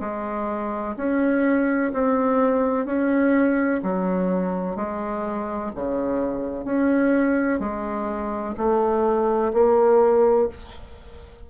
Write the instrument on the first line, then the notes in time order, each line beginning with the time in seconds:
bassoon
0.00 G#3
0.97 C#4
1.93 C4
2.86 C#4
3.83 F#3
4.76 G#3
5.75 C#3
6.65 C#4
7.60 G#3
8.58 A3
9.53 A#3